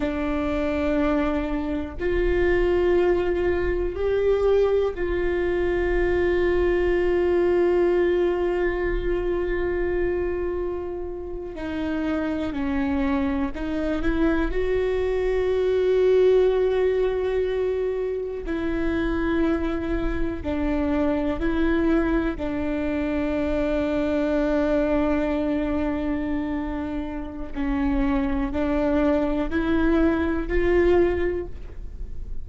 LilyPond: \new Staff \with { instrumentName = "viola" } { \time 4/4 \tempo 4 = 61 d'2 f'2 | g'4 f'2.~ | f'2.~ f'8. dis'16~ | dis'8. cis'4 dis'8 e'8 fis'4~ fis'16~ |
fis'2~ fis'8. e'4~ e'16~ | e'8. d'4 e'4 d'4~ d'16~ | d'1 | cis'4 d'4 e'4 f'4 | }